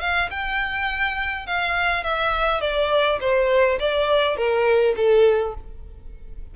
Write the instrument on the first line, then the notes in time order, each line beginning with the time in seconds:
violin
0.00 F5
0.30 G5
1.46 F5
2.03 E5
2.61 D5
3.20 C5
3.79 D5
4.36 A#4
4.96 A4